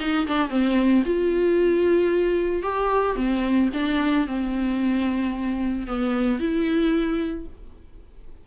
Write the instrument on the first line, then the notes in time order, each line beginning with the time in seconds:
viola
0.00 D#4
0.27 D4
0.49 C4
1.05 F4
2.63 G4
3.16 C4
3.73 D4
4.27 C4
5.87 B3
6.39 E4